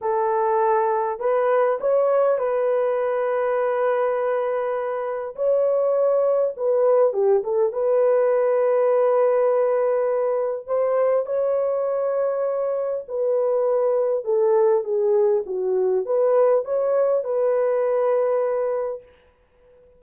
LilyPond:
\new Staff \with { instrumentName = "horn" } { \time 4/4 \tempo 4 = 101 a'2 b'4 cis''4 | b'1~ | b'4 cis''2 b'4 | g'8 a'8 b'2.~ |
b'2 c''4 cis''4~ | cis''2 b'2 | a'4 gis'4 fis'4 b'4 | cis''4 b'2. | }